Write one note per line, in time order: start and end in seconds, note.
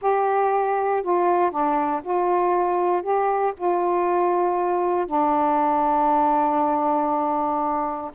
0.01 1.03 G4
1.03 1.50 F4
1.50 2.01 D4
2.03 3.02 F4
3.02 3.53 G4
3.57 5.06 F4
5.06 8.11 D4